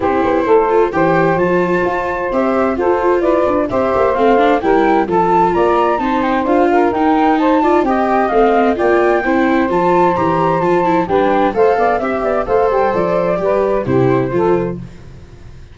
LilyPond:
<<
  \new Staff \with { instrumentName = "flute" } { \time 4/4 \tempo 4 = 130 c''2 g''4 a''4~ | a''4 e''4 c''4 d''4 | e''4 f''4 g''4 a''4 | ais''4 a''8 g''8 f''4 g''4 |
a''4 g''4 f''4 g''4~ | g''4 a''4 ais''4 a''4 | g''4 f''4 e''4 f''8 g''8 | d''2 c''2 | }
  \new Staff \with { instrumentName = "saxophone" } { \time 4/4 g'4 a'4 c''2~ | c''2 a'4 b'4 | c''2 ais'4 a'4 | d''4 c''4. ais'4. |
c''8 d''8 dis''2 d''4 | c''1 | b'4 c''8 d''8 e''8 d''8 c''4~ | c''4 b'4 g'4 a'4 | }
  \new Staff \with { instrumentName = "viola" } { \time 4/4 e'4. f'8 g'4 f'4~ | f'4 g'4 f'2 | g'4 c'8 d'8 e'4 f'4~ | f'4 dis'4 f'4 dis'4~ |
dis'8 f'8 g'4 c'4 f'4 | e'4 f'4 g'4 f'8 e'8 | d'4 a'4 g'4 a'4~ | a'4 g'4 e'4 f'4 | }
  \new Staff \with { instrumentName = "tuba" } { \time 4/4 c'8 b8 a4 e4 f4 | f'4 c'4 f'4 e'8 d'8 | c'8 ais8 a4 g4 f4 | ais4 c'4 d'4 dis'4~ |
dis'4 c'4 a4 ais4 | c'4 f4 e4 f4 | g4 a8 b8 c'8 b8 a8 g8 | f4 g4 c4 f4 | }
>>